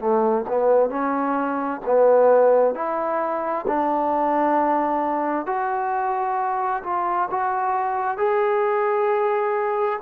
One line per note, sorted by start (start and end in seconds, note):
0.00 0.45 A3
0.49 0.90 B3
0.90 1.81 C#4
1.86 2.75 B3
2.75 3.66 E4
3.68 5.47 D4
5.47 6.83 F#4
6.84 7.29 F4
7.31 8.18 F#4
8.18 10.00 G#4